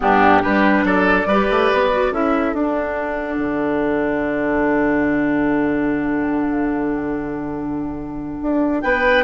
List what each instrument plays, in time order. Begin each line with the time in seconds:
0.00 bassoon G2, clarinet B3, oboe D4, flute G4
0.40 bassoon G3, clarinet D4, oboe G4, flute B4
0.84 bassoon F#3, oboe A4, flute D5
1.25 bassoon G3, clarinet G4, oboe B4
1.50 bassoon A3
1.73 bassoon B3
1.91 clarinet F#4
2.11 bassoon C#4, clarinet E4, oboe A4, flute E5
2.53 bassoon D4, clarinet D4, flute F#5
3.38 bassoon D3
8.42 bassoon D4
8.81 bassoon B3, oboe B4, flute G5